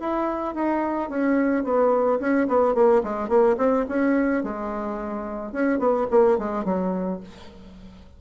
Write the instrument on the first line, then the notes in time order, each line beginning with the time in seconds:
bassoon
0.00 E4
0.55 D#4
1.10 C#4
1.64 B3
2.20 C#4
2.48 B3
2.75 A#3
3.04 G#3
3.29 A#3
3.58 C4
3.89 C#4
4.44 G#3
5.53 C#4
5.79 B3
6.11 A#3
6.39 G#3
6.65 F#3